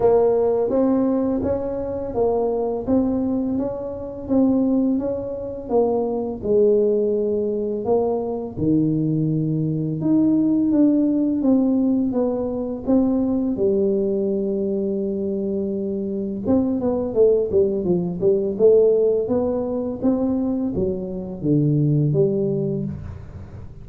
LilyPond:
\new Staff \with { instrumentName = "tuba" } { \time 4/4 \tempo 4 = 84 ais4 c'4 cis'4 ais4 | c'4 cis'4 c'4 cis'4 | ais4 gis2 ais4 | dis2 dis'4 d'4 |
c'4 b4 c'4 g4~ | g2. c'8 b8 | a8 g8 f8 g8 a4 b4 | c'4 fis4 d4 g4 | }